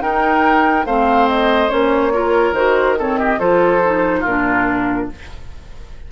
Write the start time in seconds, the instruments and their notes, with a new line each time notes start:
0.00 clarinet D#4, bassoon D#4, oboe A#4, flute G5
0.85 bassoon A3, clarinet C4, oboe C5, flute F5
1.28 flute D#5
1.69 bassoon A#3, clarinet C#4, flute C#5
2.12 clarinet F4, oboe A#4
2.52 bassoon D#3, clarinet F#4, flute C5
2.98 clarinet C4, oboe A4, flute C#5
3.18 oboe G4, flute D#5
3.39 bassoon F3, clarinet F4, oboe A4, flute C5
3.85 clarinet D#4
4.20 bassoon A#2, oboe F4, flute A#4
4.27 clarinet D4